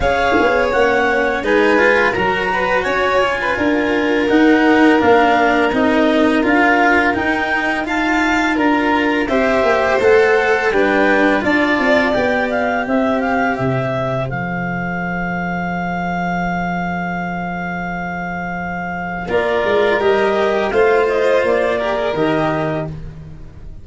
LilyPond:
<<
  \new Staff \with { instrumentName = "clarinet" } { \time 4/4 \tempo 4 = 84 f''4 fis''4 gis''4 ais''4 | gis''2 fis''4 f''4 | dis''4 f''4 g''4 a''4 | ais''4 e''4 fis''4 g''4 |
a''4 g''8 f''8 e''8 f''8 e''4 | f''1~ | f''2. d''4 | dis''4 f''8 dis''8 d''4 dis''4 | }
  \new Staff \with { instrumentName = "violin" } { \time 4/4 cis''2 b'4 ais'8 b'8 | cis''8. b'16 ais'2.~ | ais'2. f''4 | ais'4 c''2 b'4 |
d''2 c''2~ | c''1~ | c''2. ais'4~ | ais'4 c''4. ais'4. | }
  \new Staff \with { instrumentName = "cello" } { \time 4/4 gis'4 cis'4 dis'8 f'8 fis'4~ | fis'8 f'4. dis'4 d'4 | dis'4 f'4 dis'4 f'4~ | f'4 g'4 a'4 d'4 |
f'4 g'2. | a'1~ | a'2. f'4 | g'4 f'4. g'16 gis'16 g'4 | }
  \new Staff \with { instrumentName = "tuba" } { \time 4/4 cis'8 b8 ais4 gis4 fis4 | cis'4 d'4 dis'4 ais4 | c'4 d'4 dis'2 | d'4 c'8 ais8 a4 g4 |
d'8 c'8 b4 c'4 c4 | f1~ | f2. ais8 gis8 | g4 a4 ais4 dis4 | }
>>